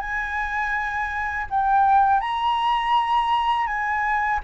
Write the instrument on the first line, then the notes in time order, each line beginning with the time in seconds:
flute
0.00 G#5
1.50 G5
2.21 A#5
3.67 G#5